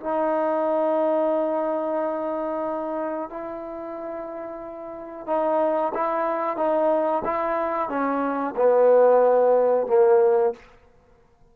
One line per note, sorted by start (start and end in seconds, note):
0.00 3.29 D#4
3.29 5.26 E4
5.26 5.92 D#4
5.94 6.56 E4
6.56 7.22 D#4
7.24 7.89 E4
7.89 8.54 C#4
8.56 9.87 B3
9.87 10.53 A#3